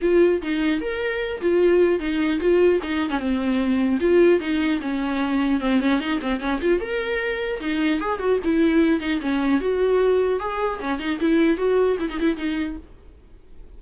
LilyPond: \new Staff \with { instrumentName = "viola" } { \time 4/4 \tempo 4 = 150 f'4 dis'4 ais'4. f'8~ | f'4 dis'4 f'4 dis'8. cis'16 | c'2 f'4 dis'4 | cis'2 c'8 cis'8 dis'8 c'8 |
cis'8 f'8 ais'2 dis'4 | gis'8 fis'8 e'4. dis'8 cis'4 | fis'2 gis'4 cis'8 dis'8 | e'4 fis'4 e'16 dis'16 e'8 dis'4 | }